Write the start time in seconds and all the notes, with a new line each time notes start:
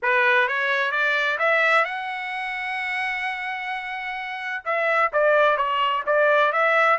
0.02 B4
0.48 C#5
0.91 D5
1.38 E5
1.84 F#5
4.64 E5
5.13 D5
5.57 C#5
6.06 D5
6.52 E5